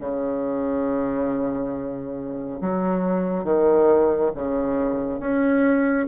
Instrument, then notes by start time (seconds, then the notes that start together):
bassoon
0.00 C#3
2.61 F#3
3.44 D#3
4.36 C#3
5.20 C#4